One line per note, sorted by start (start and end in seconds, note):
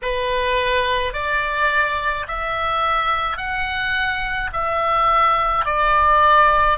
0.02 1.13 B4
1.13 2.26 D5
2.27 3.37 E5
3.37 4.50 F#5
4.53 5.65 E5
5.65 6.78 D5